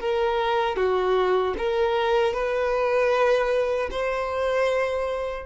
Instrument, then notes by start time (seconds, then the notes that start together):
violin
0.00 A#4
0.76 F#4
1.58 A#4
2.33 B4
3.91 C5